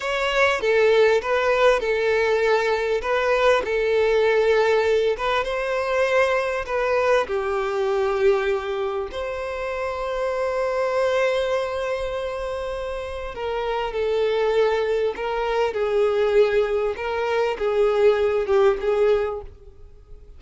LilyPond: \new Staff \with { instrumentName = "violin" } { \time 4/4 \tempo 4 = 99 cis''4 a'4 b'4 a'4~ | a'4 b'4 a'2~ | a'8 b'8 c''2 b'4 | g'2. c''4~ |
c''1~ | c''2 ais'4 a'4~ | a'4 ais'4 gis'2 | ais'4 gis'4. g'8 gis'4 | }